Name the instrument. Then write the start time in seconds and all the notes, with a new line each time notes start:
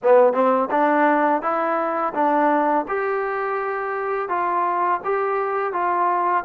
trombone
0.03 B3
0.33 C4
0.70 D4
1.42 E4
2.14 D4
2.88 G4
4.29 F4
5.04 G4
5.72 F4